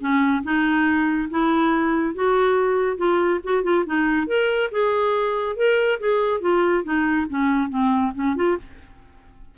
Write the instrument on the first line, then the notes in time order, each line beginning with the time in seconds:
clarinet
0.00 C#4
0.43 D#4
1.30 E4
2.14 F#4
2.97 F4
3.44 F#4
3.63 F4
3.86 D#4
4.27 A#4
4.71 G#4
5.56 A#4
6.00 G#4
6.41 F4
6.83 D#4
7.29 C#4
7.69 C4
8.14 C#4
8.36 F4